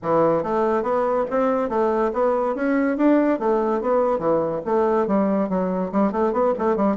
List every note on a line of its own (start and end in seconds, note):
0.02 0.43 E3
0.43 0.82 A3
0.82 1.25 B3
1.30 1.69 C4
1.69 2.11 A3
2.13 2.55 B3
2.55 2.97 C#4
2.97 3.39 D4
3.39 3.81 A3
3.81 4.19 B3
4.19 4.61 E3
4.65 5.07 A3
5.07 5.49 G3
5.49 5.91 F#3
5.92 6.12 G3
6.12 6.32 A3
6.32 6.53 B3
6.58 6.76 A3
6.76 6.96 G3